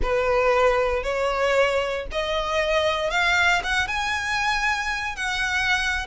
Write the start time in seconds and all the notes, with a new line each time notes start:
0.02 B4
1.03 C#5
2.11 D#5
3.10 F5
3.63 F#5
3.87 G#5
5.16 F#5